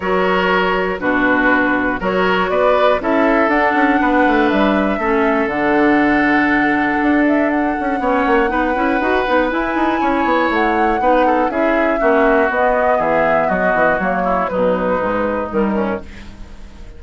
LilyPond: <<
  \new Staff \with { instrumentName = "flute" } { \time 4/4 \tempo 4 = 120 cis''2 b'2 | cis''4 d''4 e''4 fis''4~ | fis''4 e''2 fis''4~ | fis''2~ fis''8 e''8 fis''4~ |
fis''2. gis''4~ | gis''4 fis''2 e''4~ | e''4 dis''4 e''4 dis''4 | cis''4 b'2 ais'4 | }
  \new Staff \with { instrumentName = "oboe" } { \time 4/4 ais'2 fis'2 | ais'4 b'4 a'2 | b'2 a'2~ | a'1 |
cis''4 b'2. | cis''2 b'8 a'8 gis'4 | fis'2 gis'4 fis'4~ | fis'8 e'8 dis'2~ dis'8 cis'8 | }
  \new Staff \with { instrumentName = "clarinet" } { \time 4/4 fis'2 d'2 | fis'2 e'4 d'4~ | d'2 cis'4 d'4~ | d'1 |
cis'4 dis'8 e'8 fis'8 dis'8 e'4~ | e'2 dis'4 e'4 | cis'4 b2. | ais4 fis4 gis4 g4 | }
  \new Staff \with { instrumentName = "bassoon" } { \time 4/4 fis2 b,2 | fis4 b4 cis'4 d'8 cis'8 | b8 a8 g4 a4 d4~ | d2 d'4. cis'8 |
b8 ais8 b8 cis'8 dis'8 b8 e'8 dis'8 | cis'8 b8 a4 b4 cis'4 | ais4 b4 e4 fis8 e8 | fis4 b,4 gis,4 dis4 | }
>>